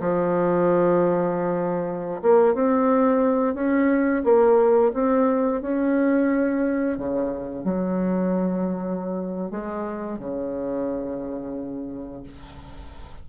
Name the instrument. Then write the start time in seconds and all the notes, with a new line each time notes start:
bassoon
0.00 F3
2.22 A#3
2.54 C4
3.55 C#4
4.24 A#3
4.94 C4
5.62 C#4
6.98 C#3
7.64 F#3
9.51 G#3
10.19 C#3